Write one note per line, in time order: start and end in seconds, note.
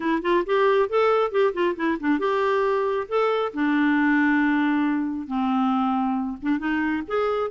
0.00 0.21 E4
0.22 0.44 F4
0.45 0.89 G4
0.89 1.31 A4
1.31 1.53 G4
1.53 1.75 F4
1.75 1.98 E4
2.00 2.19 D4
2.19 3.07 G4
3.08 3.52 A4
3.53 5.27 D4
5.27 6.37 C4
6.42 6.59 D4
6.59 7.03 D#4
7.07 7.50 G#4